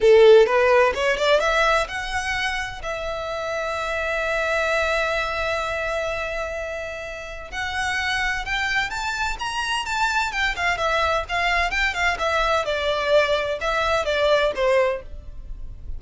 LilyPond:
\new Staff \with { instrumentName = "violin" } { \time 4/4 \tempo 4 = 128 a'4 b'4 cis''8 d''8 e''4 | fis''2 e''2~ | e''1~ | e''1 |
fis''2 g''4 a''4 | ais''4 a''4 g''8 f''8 e''4 | f''4 g''8 f''8 e''4 d''4~ | d''4 e''4 d''4 c''4 | }